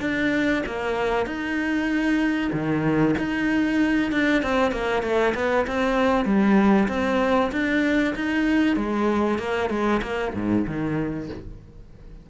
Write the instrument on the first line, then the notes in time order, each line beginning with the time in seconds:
cello
0.00 D4
0.66 A#3
1.26 D#4
2.52 D#3
3.18 D#4
4.11 D4
4.42 C4
4.72 A#3
5.02 A3
5.34 B3
5.66 C4
6.25 G3
6.88 C4
7.51 D4
8.15 D#4
8.76 G#3
9.38 A#3
9.69 G#3
10.02 A#3
10.34 G#2
10.66 D#3